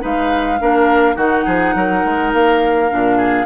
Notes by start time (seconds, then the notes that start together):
0.00 G#3 D#4 B4 F5
0.60 A#3 D4 A#4
1.16 D#3 D#4 F#4 F#5
1.45 F3 G#4
1.75 F#3 A#4
2.05 G#3
2.33 A#3 F5
2.89 A#2 D4
3.17 G#4